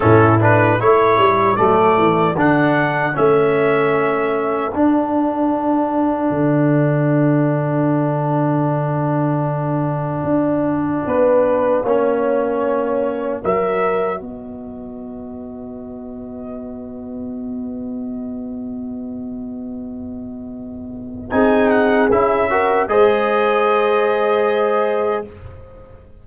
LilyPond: <<
  \new Staff \with { instrumentName = "trumpet" } { \time 4/4 \tempo 4 = 76 a'8 b'8 cis''4 d''4 fis''4 | e''2 fis''2~ | fis''1~ | fis''1~ |
fis''4 e''4 dis''2~ | dis''1~ | dis''2. gis''8 fis''8 | e''4 dis''2. | }
  \new Staff \with { instrumentName = "horn" } { \time 4/4 e'4 a'2.~ | a'1~ | a'1~ | a'2 b'4 cis''4~ |
cis''4 ais'4 b'2~ | b'1~ | b'2. gis'4~ | gis'8 ais'8 c''2. | }
  \new Staff \with { instrumentName = "trombone" } { \time 4/4 cis'8 d'8 e'4 a4 d'4 | cis'2 d'2~ | d'1~ | d'2. cis'4~ |
cis'4 fis'2.~ | fis'1~ | fis'2. dis'4 | e'8 fis'8 gis'2. | }
  \new Staff \with { instrumentName = "tuba" } { \time 4/4 a,4 a8 g8 fis8 e8 d4 | a2 d'2 | d1~ | d4 d'4 b4 ais4~ |
ais4 fis4 b2~ | b1~ | b2. c'4 | cis'4 gis2. | }
>>